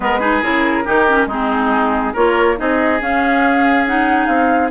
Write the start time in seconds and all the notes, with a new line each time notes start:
0.00 G#3 B3 A#4 B4
0.19 D#4 G#4
0.42 C#3 E4 A#4
0.84 D#3 D#4 G4
1.08 C#4
1.26 G#3 C4 D#4 G#4
2.13 A#3 F4 A#4 C#5
2.56 C4 D#4 G#4 D#5
3.00 C#4 F5
3.86 D#4 F#5
4.26 C4 F5